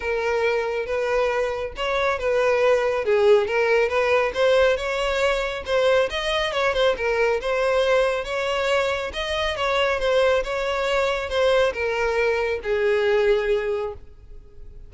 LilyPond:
\new Staff \with { instrumentName = "violin" } { \time 4/4 \tempo 4 = 138 ais'2 b'2 | cis''4 b'2 gis'4 | ais'4 b'4 c''4 cis''4~ | cis''4 c''4 dis''4 cis''8 c''8 |
ais'4 c''2 cis''4~ | cis''4 dis''4 cis''4 c''4 | cis''2 c''4 ais'4~ | ais'4 gis'2. | }